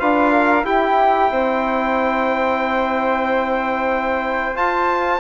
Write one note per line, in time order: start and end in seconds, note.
0.00 0.64 D4
0.00 0.65 F4
0.00 0.32 B4
0.00 0.65 F5
0.32 0.65 A#4
0.64 1.30 E4
0.64 4.55 E4
0.64 1.31 G4
0.64 4.57 G5
1.31 4.57 C4
1.31 5.20 C5
4.55 5.20 F4
4.55 5.20 A5